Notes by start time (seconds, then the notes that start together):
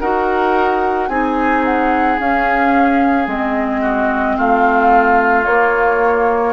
0.00 D#4 F#4 A#4 F#5
1.08 C4 D#4 G#4 G#5
1.64 F#5
2.19 C#4 F5
3.25 G#3 C4 D#5
3.81 F#4
4.36 A3 F4 F5
5.45 A#3 C#5